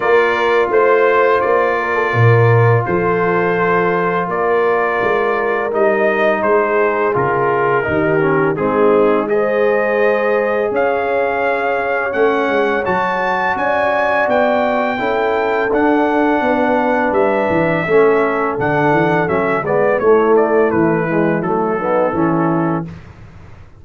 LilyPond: <<
  \new Staff \with { instrumentName = "trumpet" } { \time 4/4 \tempo 4 = 84 d''4 c''4 d''2 | c''2 d''2 | dis''4 c''4 ais'2 | gis'4 dis''2 f''4~ |
f''4 fis''4 a''4 gis''4 | g''2 fis''2 | e''2 fis''4 e''8 d''8 | cis''8 d''8 b'4 a'2 | }
  \new Staff \with { instrumentName = "horn" } { \time 4/4 ais'4 c''4. ais'16 a'16 ais'4 | a'2 ais'2~ | ais'4 gis'2 g'4 | dis'4 c''2 cis''4~ |
cis''2. d''4~ | d''4 a'2 b'4~ | b'4 a'2~ a'8 b'8 | e'2~ e'8 dis'8 e'4 | }
  \new Staff \with { instrumentName = "trombone" } { \time 4/4 f'1~ | f'1 | dis'2 f'4 dis'8 cis'8 | c'4 gis'2.~ |
gis'4 cis'4 fis'2~ | fis'4 e'4 d'2~ | d'4 cis'4 d'4 cis'8 b8 | a4. gis8 a8 b8 cis'4 | }
  \new Staff \with { instrumentName = "tuba" } { \time 4/4 ais4 a4 ais4 ais,4 | f2 ais4 gis4 | g4 gis4 cis4 dis4 | gis2. cis'4~ |
cis'4 a8 gis8 fis4 cis'4 | b4 cis'4 d'4 b4 | g8 e8 a4 d8 e8 fis8 gis8 | a4 e4 fis4 e4 | }
>>